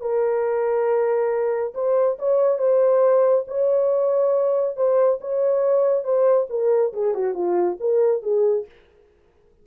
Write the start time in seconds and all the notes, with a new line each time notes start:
0.00 A#4
1.74 C5
2.19 C#5
2.58 C5
3.47 C#5
4.76 C5
5.20 C#5
6.04 C5
6.49 A#4
6.93 G#4
7.14 F#4
7.34 F4
7.80 A#4
8.22 G#4